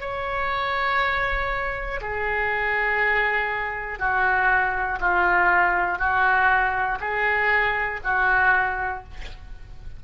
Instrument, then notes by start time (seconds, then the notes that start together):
oboe
0.00 C#5
2.00 G#4
3.99 F#4
5.00 F4
5.99 F#4
7.00 G#4
8.04 F#4